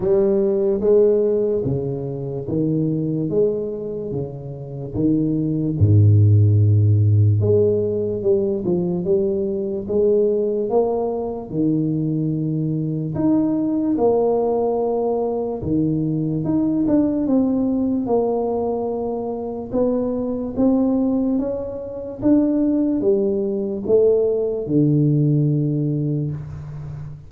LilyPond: \new Staff \with { instrumentName = "tuba" } { \time 4/4 \tempo 4 = 73 g4 gis4 cis4 dis4 | gis4 cis4 dis4 gis,4~ | gis,4 gis4 g8 f8 g4 | gis4 ais4 dis2 |
dis'4 ais2 dis4 | dis'8 d'8 c'4 ais2 | b4 c'4 cis'4 d'4 | g4 a4 d2 | }